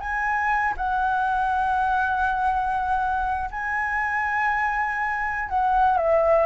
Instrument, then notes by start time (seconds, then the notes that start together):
flute
0.00 G#5
0.77 F#5
3.51 G#5
5.49 F#5
5.98 E5